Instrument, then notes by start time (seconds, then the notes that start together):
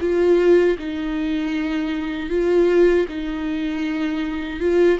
viola
0.00 F4
0.78 D#4
2.29 F4
3.08 D#4
4.60 F4